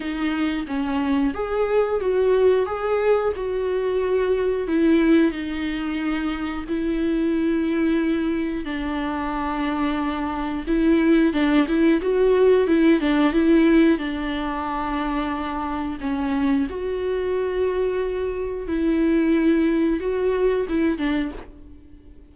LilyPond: \new Staff \with { instrumentName = "viola" } { \time 4/4 \tempo 4 = 90 dis'4 cis'4 gis'4 fis'4 | gis'4 fis'2 e'4 | dis'2 e'2~ | e'4 d'2. |
e'4 d'8 e'8 fis'4 e'8 d'8 | e'4 d'2. | cis'4 fis'2. | e'2 fis'4 e'8 d'8 | }